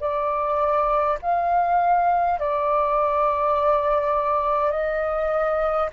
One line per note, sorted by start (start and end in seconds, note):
0.00 1.18 D5
1.22 2.40 F5
2.40 4.71 D5
4.71 5.89 D#5